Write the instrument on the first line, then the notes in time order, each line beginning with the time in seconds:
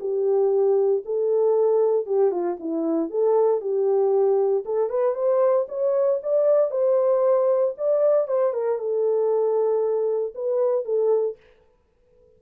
horn
0.00 G4
1.06 A4
2.06 G4
2.31 F4
2.60 E4
3.10 A4
3.61 G4
4.65 A4
4.90 B4
5.15 C5
5.68 C#5
6.23 D5
6.71 C5
7.78 D5
8.28 C5
8.53 A#4
8.78 A4
10.35 B4
10.85 A4